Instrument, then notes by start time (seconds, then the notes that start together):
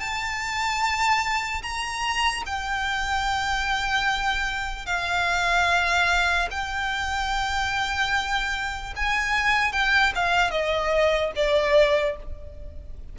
violin
0.00 A5
1.62 A#5
2.46 G5
4.86 F5
6.51 G5
8.96 G#5
9.72 G5
10.15 F5
10.51 D#5
11.36 D5